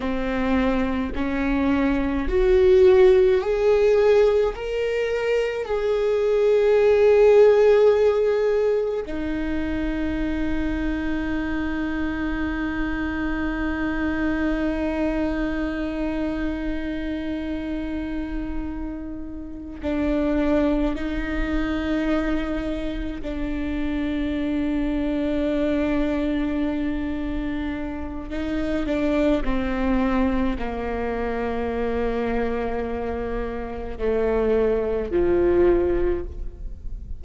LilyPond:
\new Staff \with { instrumentName = "viola" } { \time 4/4 \tempo 4 = 53 c'4 cis'4 fis'4 gis'4 | ais'4 gis'2. | dis'1~ | dis'1~ |
dis'4. d'4 dis'4.~ | dis'8 d'2.~ d'8~ | d'4 dis'8 d'8 c'4 ais4~ | ais2 a4 f4 | }